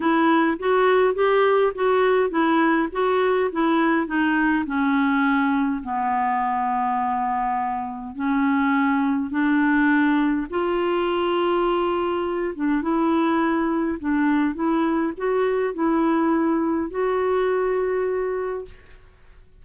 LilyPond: \new Staff \with { instrumentName = "clarinet" } { \time 4/4 \tempo 4 = 103 e'4 fis'4 g'4 fis'4 | e'4 fis'4 e'4 dis'4 | cis'2 b2~ | b2 cis'2 |
d'2 f'2~ | f'4. d'8 e'2 | d'4 e'4 fis'4 e'4~ | e'4 fis'2. | }